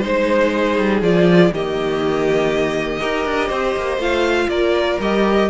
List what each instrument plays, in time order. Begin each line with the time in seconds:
0.00 cello G#3, viola D#4, violin C5
0.54 violin G#4
0.78 cello G3
1.01 cello F3, viola F4, violin D5
1.52 cello D#3, viola A#3, violin G4 D#5
3.00 cello D#4, viola G4, violin A#4
3.25 cello D4
3.48 cello C4, violin C5
3.76 cello A#3
3.97 cello A3, viola F4, violin F5
4.48 cello A#3, violin A#4 D5
5.00 cello G3, viola G4, violin D#5